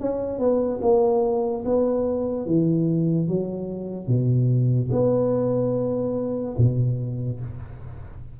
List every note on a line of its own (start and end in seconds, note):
0.00 0.38 C#4
0.38 0.80 B3
0.81 1.64 A#3
1.65 2.45 B3
2.45 3.28 E3
3.28 4.07 F#3
4.07 4.89 B2
4.92 6.56 B3
6.58 7.40 B2